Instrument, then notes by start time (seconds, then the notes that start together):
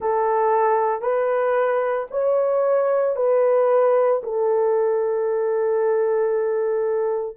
horn
0.00 A4
1.01 B4
2.11 C#5
3.16 B4
4.23 A4